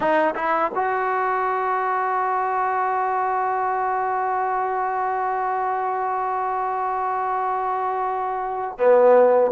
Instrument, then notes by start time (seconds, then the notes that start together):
trombone
0.00 D#4
0.35 E4
0.75 F#4
8.77 B3